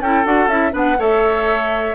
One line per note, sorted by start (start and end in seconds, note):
0.00 0.24 C#4
0.00 0.25 E4
0.00 0.73 A4
0.00 0.25 G5
0.25 0.47 D4
0.25 0.49 F#4
0.25 0.49 F#5
0.47 0.71 C#4
0.47 0.72 E4
0.47 0.73 E5
0.72 0.98 B3
0.72 0.96 D4
0.72 0.97 B4
0.72 1.01 F#5
0.98 1.95 A3
0.98 1.95 A4
0.98 1.95 C#5
0.98 1.95 E5